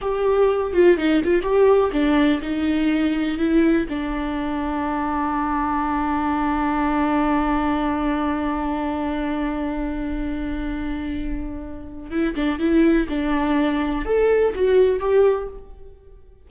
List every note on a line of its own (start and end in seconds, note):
0.01 0.73 G4
0.73 0.97 F4
0.97 1.21 D#4
1.24 1.42 F4
1.42 1.90 G4
1.92 2.41 D4
2.41 3.38 D#4
3.38 3.86 E4
3.89 12.10 D4
12.10 12.35 E4
12.35 12.58 D4
12.58 13.07 E4
13.08 14.05 D4
14.05 14.53 A4
14.54 14.99 F#4
14.99 15.48 G4